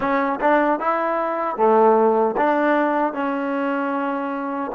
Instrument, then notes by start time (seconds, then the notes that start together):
trombone
0.00 C#4
0.40 D4
0.79 E4
1.56 A3
2.36 D4
3.13 C#4